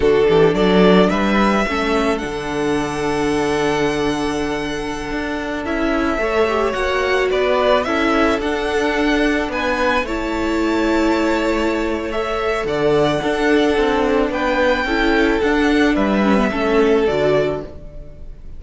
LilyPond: <<
  \new Staff \with { instrumentName = "violin" } { \time 4/4 \tempo 4 = 109 a'4 d''4 e''2 | fis''1~ | fis''2~ fis''16 e''4.~ e''16~ | e''16 fis''4 d''4 e''4 fis''8.~ |
fis''4~ fis''16 gis''4 a''4.~ a''16~ | a''2 e''4 fis''4~ | fis''2 g''2 | fis''4 e''2 d''4 | }
  \new Staff \with { instrumentName = "violin" } { \time 4/4 fis'8 g'8 a'4 b'4 a'4~ | a'1~ | a'2.~ a'16 cis''8.~ | cis''4~ cis''16 b'4 a'4.~ a'16~ |
a'4~ a'16 b'4 cis''4.~ cis''16~ | cis''2. d''4 | a'2 b'4 a'4~ | a'4 b'4 a'2 | }
  \new Staff \with { instrumentName = "viola" } { \time 4/4 d'2. cis'4 | d'1~ | d'2~ d'16 e'4 a'8 g'16~ | g'16 fis'2 e'4 d'8.~ |
d'2~ d'16 e'4.~ e'16~ | e'2 a'2 | d'2. e'4 | d'4. cis'16 b16 cis'4 fis'4 | }
  \new Staff \with { instrumentName = "cello" } { \time 4/4 d8 e8 fis4 g4 a4 | d1~ | d4~ d16 d'4 cis'4 a8.~ | a16 ais4 b4 cis'4 d'8.~ |
d'4~ d'16 b4 a4.~ a16~ | a2. d4 | d'4 c'4 b4 cis'4 | d'4 g4 a4 d4 | }
>>